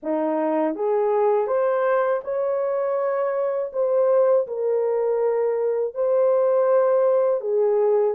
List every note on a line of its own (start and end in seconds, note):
0.02 0.75 D#4
0.75 1.46 G#4
1.46 2.21 C5
2.24 3.72 C#5
3.72 4.46 C5
4.47 5.94 A#4
5.94 7.40 C5
7.40 8.14 G#4